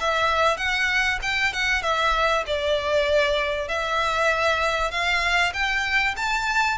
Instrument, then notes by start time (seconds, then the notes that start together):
violin
0.00 E5
0.57 F#5
1.22 G5
1.53 F#5
1.82 E5
2.47 D5
3.68 E5
4.91 F5
5.53 G5
6.16 A5